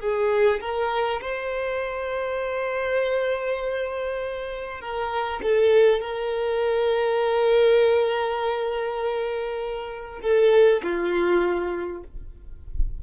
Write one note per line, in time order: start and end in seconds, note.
0.00 0.60 G#4
0.60 1.20 A#4
1.21 4.80 C5
4.80 5.40 A#4
5.42 6.00 A4
6.00 10.20 A#4
10.22 10.82 A4
10.83 12.03 F4